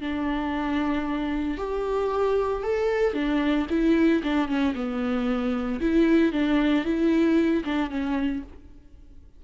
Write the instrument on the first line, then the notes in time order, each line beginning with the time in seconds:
viola
0.00 D4
1.57 G4
2.63 A4
3.13 D4
3.69 E4
4.23 D4
4.48 C#4
4.74 B3
5.80 E4
6.32 D4
6.84 E4
7.64 D4
7.90 C#4